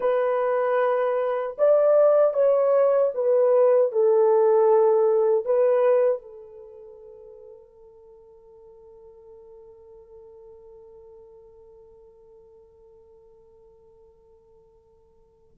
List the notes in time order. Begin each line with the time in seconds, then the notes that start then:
0.00 B4
1.58 D5
2.33 C#5
3.14 B4
3.92 A4
5.45 B4
6.22 A4